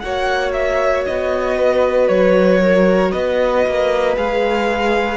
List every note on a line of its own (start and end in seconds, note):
0.00 1.07 A#3
0.00 4.17 F#4
0.00 1.58 C#5
0.00 0.52 F#5
0.53 1.05 E5
1.06 2.09 B3
1.06 2.08 D#5
1.58 2.61 B4
2.08 3.13 F#3
2.08 3.12 C#5
2.61 3.12 A#4
3.12 3.67 B3
3.12 5.18 B4
3.12 4.15 D#5
3.67 4.17 A#3
4.17 5.18 G#3
4.17 5.18 G#4
4.17 5.18 F5